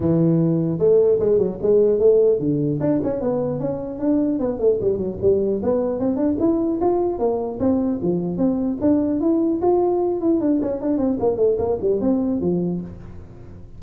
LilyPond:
\new Staff \with { instrumentName = "tuba" } { \time 4/4 \tempo 4 = 150 e2 a4 gis8 fis8 | gis4 a4 d4 d'8 cis'8 | b4 cis'4 d'4 b8 a8 | g8 fis8 g4 b4 c'8 d'8 |
e'4 f'4 ais4 c'4 | f4 c'4 d'4 e'4 | f'4. e'8 d'8 cis'8 d'8 c'8 | ais8 a8 ais8 g8 c'4 f4 | }